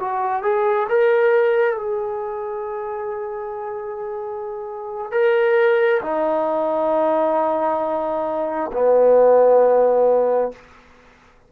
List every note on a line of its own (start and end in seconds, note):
0.00 0.43 F#4
0.43 0.88 G#4
0.90 1.77 A#4
1.77 5.12 G#4
5.12 6.01 A#4
6.02 8.71 D#4
8.73 10.52 B3